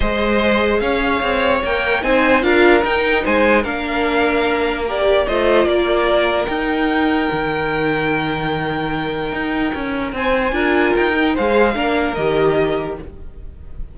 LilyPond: <<
  \new Staff \with { instrumentName = "violin" } { \time 4/4 \tempo 4 = 148 dis''2 f''2 | g''4 gis''4 f''4 g''4 | gis''4 f''2. | d''4 dis''4 d''2 |
g''1~ | g''1~ | g''4 gis''2 g''4 | f''2 dis''2 | }
  \new Staff \with { instrumentName = "violin" } { \time 4/4 c''2 cis''2~ | cis''4 c''4 ais'2 | c''4 ais'2.~ | ais'4 c''4 ais'2~ |
ais'1~ | ais'1~ | ais'4 c''4 ais'2 | c''4 ais'2. | }
  \new Staff \with { instrumentName = "viola" } { \time 4/4 gis'1 | ais'4 dis'4 f'4 dis'4~ | dis'4 d'2. | g'4 f'2. |
dis'1~ | dis'1~ | dis'2 f'4. dis'8 | gis'4 d'4 g'2 | }
  \new Staff \with { instrumentName = "cello" } { \time 4/4 gis2 cis'4 c'4 | ais4 c'4 d'4 dis'4 | gis4 ais2.~ | ais4 a4 ais2 |
dis'2 dis2~ | dis2. dis'4 | cis'4 c'4 d'4 dis'4 | gis4 ais4 dis2 | }
>>